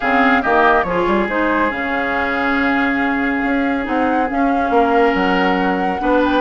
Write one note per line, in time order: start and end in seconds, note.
0.00 0.44 C#3
0.00 0.43 C4
0.00 0.41 G#4
0.00 0.42 F5
0.42 0.84 D#3
0.42 0.86 A#3
0.42 0.84 G4
0.42 0.82 D#5
0.82 1.05 F3
0.82 1.29 F4
0.82 4.72 G#4
0.82 1.25 C#5
1.07 1.28 G3
1.28 1.71 G#3
1.28 1.69 D#4
1.28 1.71 C5
1.69 3.43 C#3
1.69 3.83 C#4
1.69 3.85 F5
3.43 3.86 C#4
3.83 4.30 C4
3.83 4.26 D#4
3.83 4.28 F#5
4.29 5.99 C#4
4.29 4.70 C#4
4.29 5.14 F5
4.70 5.12 A#3
4.70 6.00 A#4
5.14 6.00 F#3
5.14 6.21 F#5
5.99 6.41 B3
5.99 6.41 D4
5.99 6.41 B4
6.24 6.41 G5